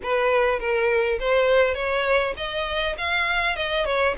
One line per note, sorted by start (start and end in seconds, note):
0.02 0.59 B4
0.59 1.19 A#4
1.19 1.74 C5
1.74 2.34 C#5
2.36 2.96 D#5
2.97 3.56 F5
3.56 3.85 D#5
3.85 4.14 C#5